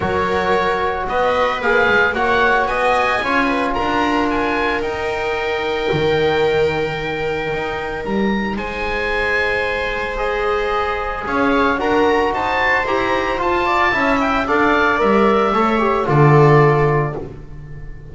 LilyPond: <<
  \new Staff \with { instrumentName = "oboe" } { \time 4/4 \tempo 4 = 112 cis''2 dis''4 f''4 | fis''4 gis''2 ais''4 | gis''4 g''2.~ | g''2. ais''4 |
gis''2. dis''4~ | dis''4 f''4 ais''4 a''4 | ais''4 a''4. g''8 f''4 | e''2 d''2 | }
  \new Staff \with { instrumentName = "viola" } { \time 4/4 ais'2 b'2 | cis''4 dis''4 cis''8 b'8 ais'4~ | ais'1~ | ais'1 |
c''1~ | c''4 cis''4 ais'4 c''4~ | c''4. d''8 e''4 d''4~ | d''4 cis''4 a'2 | }
  \new Staff \with { instrumentName = "trombone" } { \time 4/4 fis'2. gis'4 | fis'2 f'2~ | f'4 dis'2.~ | dis'1~ |
dis'2. gis'4~ | gis'2 fis'2 | g'4 f'4 e'4 a'4 | ais'4 a'8 g'8 f'2 | }
  \new Staff \with { instrumentName = "double bass" } { \time 4/4 fis2 b4 ais8 gis8 | ais4 b4 cis'4 d'4~ | d'4 dis'2 dis4~ | dis2 dis'4 g4 |
gis1~ | gis4 cis'4 d'4 dis'4 | e'4 f'4 cis'4 d'4 | g4 a4 d2 | }
>>